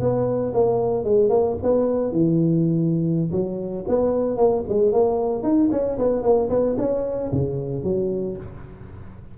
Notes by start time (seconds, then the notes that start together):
0.00 B3
0.54 A#3
1.04 G#3
1.30 A#3
1.62 B3
2.12 E3
3.31 F#3
3.88 B3
4.37 A#3
4.69 G#3
4.92 A#3
5.43 D#4
5.71 C#4
5.98 B3
6.23 A#3
6.49 B3
6.78 C#4
7.32 C#3
7.83 F#3